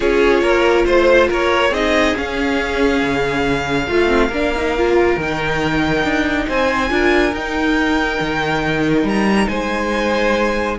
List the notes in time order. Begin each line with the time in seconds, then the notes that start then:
0.00 C#4 F4 G#4 C#5
0.41 A#3 A#4
0.85 A3 C5
1.28 A#3 A#4 C#5
1.70 C4 D#4 G#4 D#5
2.15 C#4 F5
3.03 C#3
3.87 A3 F4
4.07 C4
4.28 A#3 D4 A#4
4.55 D#4
4.77 F4
5.16 D#3 D#4 G5
6.04 D4
6.47 C4 C5 G#5
6.89 D4 F4 A#4
7.32 D#4 G5
8.20 D#3
9.03 G3 A#5
9.48 G#3 C5 G#5